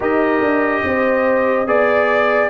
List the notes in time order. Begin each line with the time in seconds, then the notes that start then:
0.00 D#4 G4 A#4 D#5
0.41 D4
0.84 C4 C5
1.66 B3 G#4 D5